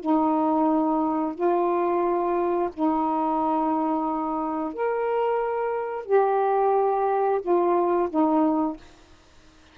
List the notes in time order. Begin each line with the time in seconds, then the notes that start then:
0.00 D#4
1.35 F4
2.73 D#4
4.73 A#4
6.06 G4
7.41 F4
8.09 D#4